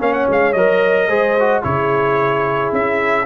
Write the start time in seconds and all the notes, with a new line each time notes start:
0.00 A#3 C#4 C#5 F5
0.14 F#5
0.29 G#3 F5
0.53 F#3 A#4 D#5
1.09 G#3 G#4 C5
1.40 F#4
1.63 C#3 E4 G#4 C#5
2.72 C#4 E5